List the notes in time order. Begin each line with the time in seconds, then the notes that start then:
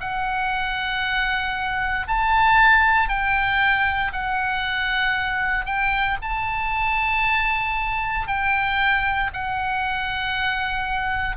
0.00 F#5
2.07 A5
3.08 G5
4.12 F#5
5.65 G5
6.22 A5
8.27 G5
9.33 F#5